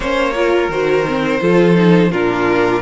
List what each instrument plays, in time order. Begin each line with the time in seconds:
0.00 cello A#3, viola C#4, violin C5 C#5
0.34 viola F4, violin A#4
0.68 cello D#3, viola F#4, violin C5
1.07 viola C4
1.40 cello F3, viola F4, violin A4
1.74 viola D#4
2.11 cello A#2, viola D4, violin F4 A#4